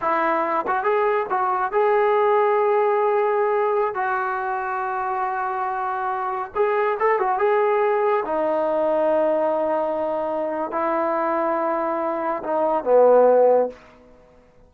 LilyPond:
\new Staff \with { instrumentName = "trombone" } { \time 4/4 \tempo 4 = 140 e'4. fis'8 gis'4 fis'4 | gis'1~ | gis'4~ gis'16 fis'2~ fis'8.~ | fis'2.~ fis'16 gis'8.~ |
gis'16 a'8 fis'8 gis'2 dis'8.~ | dis'1~ | dis'4 e'2.~ | e'4 dis'4 b2 | }